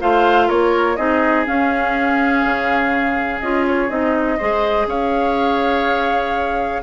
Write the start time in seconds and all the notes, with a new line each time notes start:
0.00 A3 F4 C5 F5
0.47 A#3 A#4 C#5
0.96 C4 D#4 G#4 D#5
1.45 C#4 F5
2.45 C#3
3.40 C#4 F4 D#5
3.68 C#5
3.89 C4 D#4 D#5
4.38 G#3 G#4 C5
4.86 C#4 C#5 F5